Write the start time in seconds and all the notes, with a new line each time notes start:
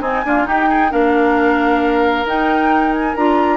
0.00 C4 D#4 G#5
0.25 A#3 D4 F4
0.43 D#4 G4 G5
0.69 G#4
0.90 A#3 D4 A#4 F5
2.25 D#4 G5
2.93 G#5
3.16 D4 F4 A#5